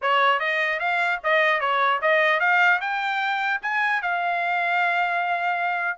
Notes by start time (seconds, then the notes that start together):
0.01 C#5
0.39 D#5
0.79 F5
1.23 D#5
1.60 C#5
2.01 D#5
2.40 F5
2.81 G5
3.61 G#5
4.01 F5